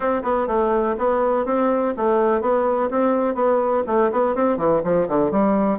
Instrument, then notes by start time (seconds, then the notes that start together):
bassoon
0.00 C4
0.22 B3
0.47 A3
0.98 B3
1.45 C4
1.96 A3
2.41 B3
2.90 C4
3.34 B3
3.86 A3
4.11 B3
4.35 C4
4.57 E3
4.84 F3
5.08 D3
5.31 G3